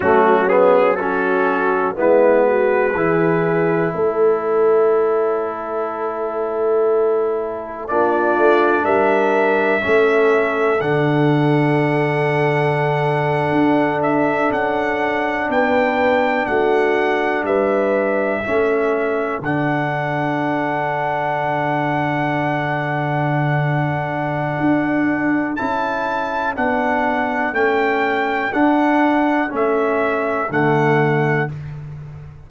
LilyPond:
<<
  \new Staff \with { instrumentName = "trumpet" } { \time 4/4 \tempo 4 = 61 fis'8 gis'8 a'4 b'2 | cis''1 | d''4 e''2 fis''4~ | fis''2~ fis''16 e''8 fis''4 g''16~ |
g''8. fis''4 e''2 fis''16~ | fis''1~ | fis''2 a''4 fis''4 | g''4 fis''4 e''4 fis''4 | }
  \new Staff \with { instrumentName = "horn" } { \time 4/4 cis'4 fis'4 e'8 fis'8 gis'4 | a'1 | f'4 ais'4 a'2~ | a'2.~ a'8. b'16~ |
b'8. fis'4 b'4 a'4~ a'16~ | a'1~ | a'1~ | a'1 | }
  \new Staff \with { instrumentName = "trombone" } { \time 4/4 a8 b8 cis'4 b4 e'4~ | e'1 | d'2 cis'4 d'4~ | d'1~ |
d'2~ d'8. cis'4 d'16~ | d'1~ | d'2 e'4 d'4 | cis'4 d'4 cis'4 a4 | }
  \new Staff \with { instrumentName = "tuba" } { \time 4/4 fis2 gis4 e4 | a1 | ais8 a8 g4 a4 d4~ | d4.~ d16 d'4 cis'4 b16~ |
b8. a4 g4 a4 d16~ | d1~ | d4 d'4 cis'4 b4 | a4 d'4 a4 d4 | }
>>